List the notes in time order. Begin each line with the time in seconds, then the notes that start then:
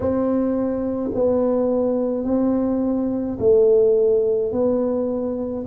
0.00 C4
1.14 B3
2.24 C4
3.39 A3
4.52 B3